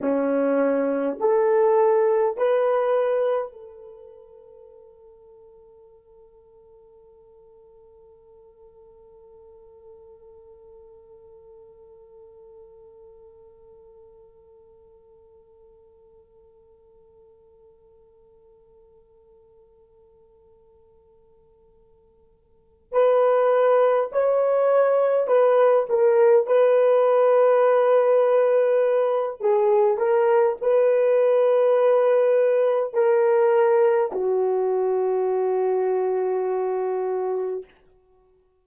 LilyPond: \new Staff \with { instrumentName = "horn" } { \time 4/4 \tempo 4 = 51 cis'4 a'4 b'4 a'4~ | a'1~ | a'1~ | a'1~ |
a'2.~ a'8 b'8~ | b'8 cis''4 b'8 ais'8 b'4.~ | b'4 gis'8 ais'8 b'2 | ais'4 fis'2. | }